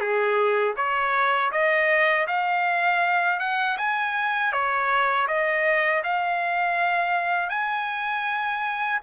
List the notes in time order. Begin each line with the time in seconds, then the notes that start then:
0.00 G#4
0.76 C#5
1.52 D#5
2.27 F5
3.40 F#5
3.77 G#5
4.52 C#5
5.28 D#5
6.03 F5
7.49 G#5